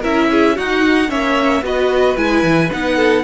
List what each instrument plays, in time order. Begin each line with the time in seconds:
0.00 cello C#4, viola E4, violin A#4 E5
0.31 violin G#4
0.56 cello D#4, viola D#4, violin F#4 F#5
1.09 cello A#3, viola C#4, violin C#5 E5
1.62 cello B3, viola F#4, violin B4 D#5
2.17 cello G#3, viola E4, violin G#5
2.44 cello E3
2.71 cello B3, viola D#4, violin F#5
2.96 violin A4